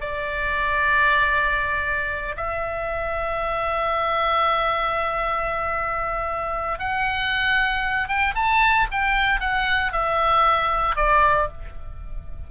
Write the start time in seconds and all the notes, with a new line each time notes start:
0.00 D5
2.36 E5
6.79 F#5
8.08 G5
8.35 A5
8.91 G5
9.40 F#5
9.92 E5
10.95 D5